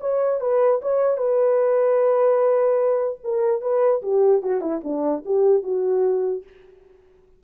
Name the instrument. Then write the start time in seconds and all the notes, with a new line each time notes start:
horn
0.00 C#5
0.40 B4
0.82 C#5
1.17 B4
3.24 A#4
3.61 B4
4.02 G4
4.42 F#4
4.61 E4
4.83 D4
5.25 G4
5.63 F#4